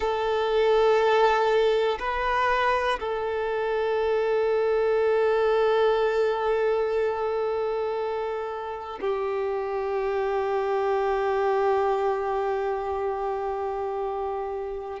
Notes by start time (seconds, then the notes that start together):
0.00 A4
1.99 B4
3.00 A4
9.00 G4